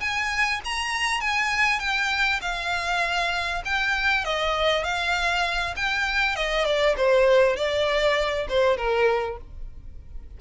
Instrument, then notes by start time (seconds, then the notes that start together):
violin
0.00 G#5
0.64 A#5
1.20 G#5
1.79 G5
2.41 F5
3.65 G5
4.25 D#5
4.83 F5
5.76 G5
6.36 D#5
6.65 D5
6.97 C5
7.56 D5
8.49 C5
8.77 A#4